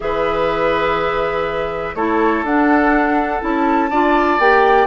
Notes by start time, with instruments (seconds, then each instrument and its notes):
0.00 bassoon E3, clarinet G#4, oboe B4, flute E5
1.94 bassoon A3, clarinet E4, oboe A4, flute C#5
2.43 bassoon D4, clarinet D4, flute F#5
3.40 bassoon C#4, clarinet E4, flute A5
3.90 bassoon D4, clarinet F4, oboe D5
4.38 bassoon A#3, clarinet G4, flute G5